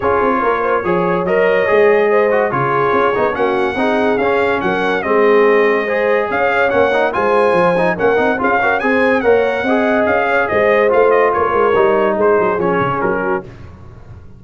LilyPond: <<
  \new Staff \with { instrumentName = "trumpet" } { \time 4/4 \tempo 4 = 143 cis''2. dis''4~ | dis''2 cis''2 | fis''2 f''4 fis''4 | dis''2. f''4 |
fis''4 gis''2 fis''4 | f''4 gis''4 fis''2 | f''4 dis''4 f''8 dis''8 cis''4~ | cis''4 c''4 cis''4 ais'4 | }
  \new Staff \with { instrumentName = "horn" } { \time 4/4 gis'4 ais'8 c''8 cis''2~ | cis''4 c''4 gis'2 | fis'4 gis'2 ais'4 | gis'2 c''4 cis''4~ |
cis''4 c''2 ais'4 | gis'8 ais'8 c''4 cis''4 dis''4~ | dis''8 cis''8 c''2 ais'4~ | ais'4 gis'2~ gis'8 fis'8 | }
  \new Staff \with { instrumentName = "trombone" } { \time 4/4 f'2 gis'4 ais'4 | gis'4. fis'8 f'4. dis'8 | cis'4 dis'4 cis'2 | c'2 gis'2 |
cis'8 dis'8 f'4. dis'8 cis'8 dis'8 | f'8 fis'8 gis'4 ais'4 gis'4~ | gis'2 f'2 | dis'2 cis'2 | }
  \new Staff \with { instrumentName = "tuba" } { \time 4/4 cis'8 c'8 ais4 f4 fis4 | gis2 cis4 cis'8 b8 | ais4 c'4 cis'4 fis4 | gis2. cis'4 |
ais4 gis4 f4 ais8 c'8 | cis'4 c'4 ais4 c'4 | cis'4 gis4 a4 ais8 gis8 | g4 gis8 fis8 f8 cis8 fis4 | }
>>